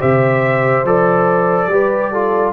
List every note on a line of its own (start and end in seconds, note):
0.00 0.85 C3
0.00 0.85 G4
0.00 1.69 C5
0.00 0.86 E5
0.85 1.67 F3
0.85 1.71 A4
0.85 2.53 D5
1.67 2.52 G3
1.67 2.14 G4
1.67 2.12 B4
2.12 2.53 F4
2.12 2.53 A4